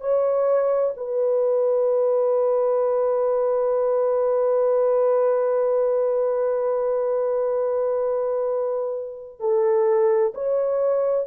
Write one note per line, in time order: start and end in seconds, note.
0.00 0.94 C#5
0.97 9.39 B4
9.39 10.33 A4
10.34 11.26 C#5